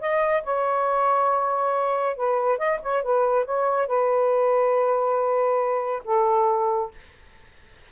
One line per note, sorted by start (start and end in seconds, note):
0.00 0.43 D#5
0.43 2.16 C#5
2.16 2.58 B4
2.58 2.79 D#5
2.82 3.03 C#5
3.03 3.45 B4
3.45 3.87 C#5
3.87 6.03 B4
6.05 6.91 A4